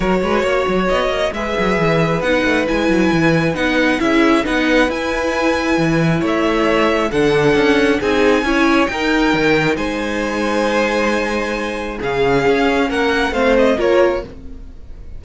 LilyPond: <<
  \new Staff \with { instrumentName = "violin" } { \time 4/4 \tempo 4 = 135 cis''2 dis''4 e''4~ | e''4 fis''4 gis''2 | fis''4 e''4 fis''4 gis''4~ | gis''2 e''2 |
fis''2 gis''2 | g''2 gis''2~ | gis''2. f''4~ | f''4 fis''4 f''8 dis''8 cis''4 | }
  \new Staff \with { instrumentName = "violin" } { \time 4/4 ais'8 b'8 cis''2 b'4~ | b'1~ | b'4 gis'4 b'2~ | b'2 cis''2 |
a'2 gis'4 cis''4 | ais'2 c''2~ | c''2. gis'4~ | gis'4 ais'4 c''4 ais'4 | }
  \new Staff \with { instrumentName = "viola" } { \time 4/4 fis'2. gis'4~ | gis'4 dis'4 e'2 | dis'4 e'4 dis'4 e'4~ | e'1 |
d'2 dis'4 e'4 | dis'1~ | dis'2. cis'4~ | cis'2 c'4 f'4 | }
  \new Staff \with { instrumentName = "cello" } { \time 4/4 fis8 gis8 ais8 fis8 b8 ais8 gis8 fis8 | e4 b8 a8 gis8 fis8 e4 | b4 cis'4 b4 e'4~ | e'4 e4 a2 |
d4 cis'4 c'4 cis'4 | dis'4 dis4 gis2~ | gis2. cis4 | cis'4 ais4 a4 ais4 | }
>>